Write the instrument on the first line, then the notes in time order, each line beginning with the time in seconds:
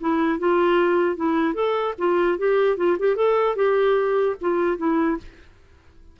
clarinet
0.00 E4
0.39 F4
1.16 E4
1.54 A4
1.98 F4
2.38 G4
2.77 F4
2.99 G4
3.15 A4
3.56 G4
4.41 F4
4.77 E4